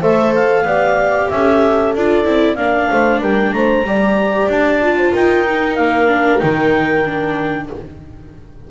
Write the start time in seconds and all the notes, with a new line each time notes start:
0.00 A3 A4 C5 E5
0.35 F5
0.63 B3 G4 D5
1.29 C#4 A4 E5
1.95 D4 F4 D5
2.25 C4 E4
2.56 A#3 D4 D5 F5
2.92 A3 C5
3.21 G3 A#4 G5
3.53 A3 C5 A#5
3.84 G3 G4 D5
4.49 D4 A5
4.82 F4
4.98 C5
5.12 D#4 A#4 G5
5.46 D#4
5.75 A#3 F5
6.07 D4
6.39 D#3 D#4 G5
7.06 D4